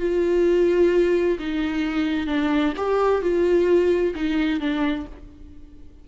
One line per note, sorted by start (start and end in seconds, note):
0.00 1.38 F4
1.40 2.27 D#4
2.27 2.73 D4
2.77 3.22 G4
3.22 4.14 F4
4.15 4.60 D#4
4.60 5.06 D4